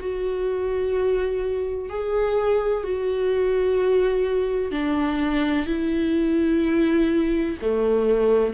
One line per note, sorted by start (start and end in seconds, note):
0.00 1.90 F#4
1.90 2.84 G#4
2.84 4.71 F#4
4.71 5.66 D4
5.66 7.57 E4
7.61 8.54 A3